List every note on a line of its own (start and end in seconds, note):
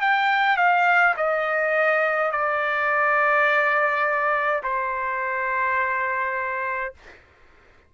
0.00 0.57 G5
0.57 1.14 F5
1.16 2.31 D#5
2.31 4.62 D5
4.63 6.94 C5